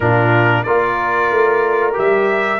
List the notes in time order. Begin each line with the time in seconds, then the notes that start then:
0.00 A#2 D4 F4 A#4
0.63 A#3 F4 A#4 D5
1.31 A3
1.93 G3 G4 E5